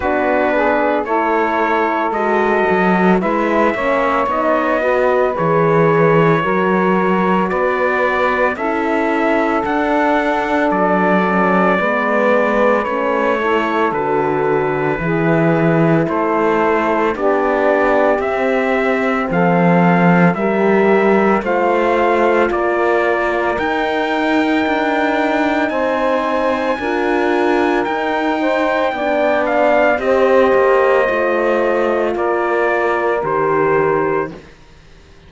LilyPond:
<<
  \new Staff \with { instrumentName = "trumpet" } { \time 4/4 \tempo 4 = 56 b'4 cis''4 dis''4 e''4 | dis''4 cis''2 d''4 | e''4 fis''4 d''2 | cis''4 b'2 c''4 |
d''4 e''4 f''4 e''4 | f''4 d''4 g''2 | gis''2 g''4. f''8 | dis''2 d''4 c''4 | }
  \new Staff \with { instrumentName = "saxophone" } { \time 4/4 fis'8 gis'8 a'2 b'8 cis''8~ | cis''8 b'4. ais'4 b'4 | a'2. b'4~ | b'8 a'4. gis'4 a'4 |
g'2 a'4 ais'4 | c''4 ais'2. | c''4 ais'4. c''8 d''4 | c''2 ais'2 | }
  \new Staff \with { instrumentName = "horn" } { \time 4/4 d'4 e'4 fis'4 e'8 cis'8 | dis'8 fis'8 gis'4 fis'2 | e'4 d'4. cis'8 b4 | cis'8 e'8 fis'4 e'2 |
d'4 c'2 g'4 | f'2 dis'2~ | dis'4 f'4 dis'4 d'4 | g'4 f'2 g'4 | }
  \new Staff \with { instrumentName = "cello" } { \time 4/4 b4 a4 gis8 fis8 gis8 ais8 | b4 e4 fis4 b4 | cis'4 d'4 fis4 gis4 | a4 d4 e4 a4 |
b4 c'4 f4 g4 | a4 ais4 dis'4 d'4 | c'4 d'4 dis'4 b4 | c'8 ais8 a4 ais4 dis4 | }
>>